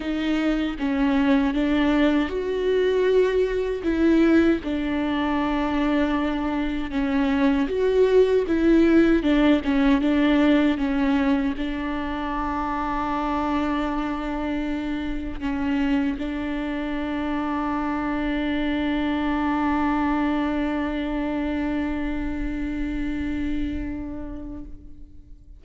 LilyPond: \new Staff \with { instrumentName = "viola" } { \time 4/4 \tempo 4 = 78 dis'4 cis'4 d'4 fis'4~ | fis'4 e'4 d'2~ | d'4 cis'4 fis'4 e'4 | d'8 cis'8 d'4 cis'4 d'4~ |
d'1 | cis'4 d'2.~ | d'1~ | d'1 | }